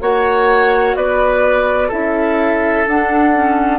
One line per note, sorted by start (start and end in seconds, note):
0.00 0.95 A#3
0.00 1.90 F#4
0.00 0.96 C#5
0.00 0.95 F#5
0.95 1.90 B3
0.95 1.88 B4
0.95 1.91 D5
1.88 2.86 C#4
1.88 2.86 E4
1.88 3.78 A4
1.88 2.87 E5
2.86 3.78 D4
2.86 3.33 D4
2.86 3.78 F#5
3.33 3.78 C#4